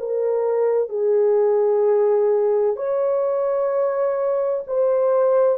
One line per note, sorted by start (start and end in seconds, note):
0.00 0.89 A#4
0.89 2.77 G#4
2.77 4.64 C#5
4.67 5.59 C5